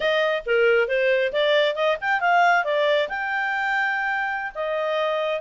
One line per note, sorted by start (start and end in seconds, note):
0.00 0.43 D#5
0.46 0.87 A#4
0.87 1.32 C5
1.32 1.75 D5
1.75 1.97 D#5
2.01 2.20 G5
2.20 2.64 F5
2.64 3.08 D5
3.08 4.52 G5
4.55 5.40 D#5